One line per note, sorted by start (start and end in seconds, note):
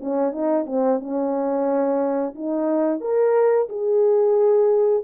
0.00 0.32 C#4
0.32 0.66 D#4
0.66 1.00 C4
1.00 2.34 C#4
2.35 3.01 D#4
3.01 3.68 A#4
3.69 5.04 G#4